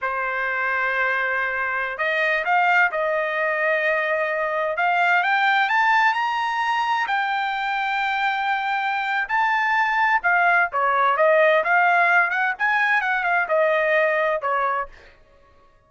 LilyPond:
\new Staff \with { instrumentName = "trumpet" } { \time 4/4 \tempo 4 = 129 c''1~ | c''16 dis''4 f''4 dis''4.~ dis''16~ | dis''2~ dis''16 f''4 g''8.~ | g''16 a''4 ais''2 g''8.~ |
g''1 | a''2 f''4 cis''4 | dis''4 f''4. fis''8 gis''4 | fis''8 f''8 dis''2 cis''4 | }